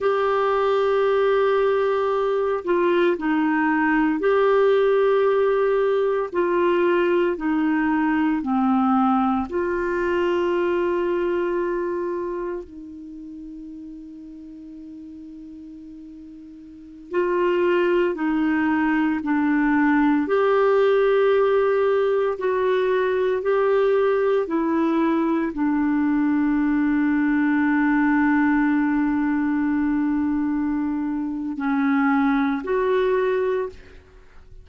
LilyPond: \new Staff \with { instrumentName = "clarinet" } { \time 4/4 \tempo 4 = 57 g'2~ g'8 f'8 dis'4 | g'2 f'4 dis'4 | c'4 f'2. | dis'1~ |
dis'16 f'4 dis'4 d'4 g'8.~ | g'4~ g'16 fis'4 g'4 e'8.~ | e'16 d'2.~ d'8.~ | d'2 cis'4 fis'4 | }